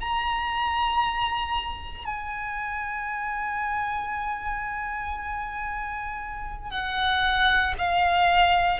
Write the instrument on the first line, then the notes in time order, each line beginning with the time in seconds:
violin
0.00 A#5
2.05 G#5
6.71 F#5
7.78 F5